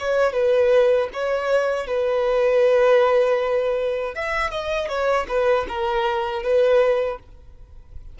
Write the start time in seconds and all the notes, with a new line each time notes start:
0.00 C#5
0.33 B4
1.14 C#5
1.87 B4
4.15 E5
4.51 D#5
4.89 C#5
5.29 B4
5.69 A#4
6.43 B4